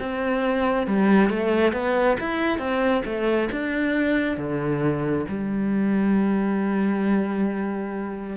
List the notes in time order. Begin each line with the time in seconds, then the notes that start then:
0.00 C4
0.87 G3
1.30 A3
1.73 B3
2.20 E4
2.58 C4
3.05 A3
3.52 D4
4.37 D3
5.28 G3